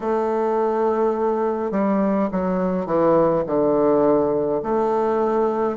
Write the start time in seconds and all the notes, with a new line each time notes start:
0.00 A3
1.71 G3
2.31 F#3
2.85 E3
3.46 D3
4.62 A3